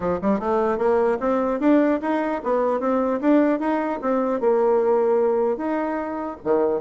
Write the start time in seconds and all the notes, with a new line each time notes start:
0.00 F3
0.21 G3
0.39 A3
0.78 A#3
1.20 C4
1.60 D4
2.01 D#4
2.43 B3
2.79 C4
3.20 D4
3.59 D#4
4.01 C4
4.40 A#3
5.57 D#4
6.43 D#3